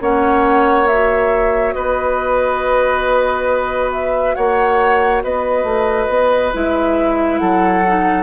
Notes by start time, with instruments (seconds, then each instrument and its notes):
0.00 bassoon A#3, clarinet C#4, oboe C#5, flute F#5
0.86 clarinet F#4, flute E5
1.73 bassoon B3, oboe B4, flute D#5
3.92 flute E5
4.34 bassoon A#3, oboe C#5, flute F#5
5.23 bassoon B3, oboe B4, flute D#5
5.63 bassoon A3
6.09 bassoon B3
6.53 bassoon G#3, clarinet E4, flute E5
7.38 bassoon F#3, oboe A4, flute F#5
7.87 clarinet D#4